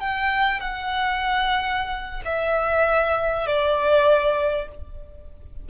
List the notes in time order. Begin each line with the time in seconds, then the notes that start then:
0.00 G5
0.60 F#5
2.25 E5
3.47 D5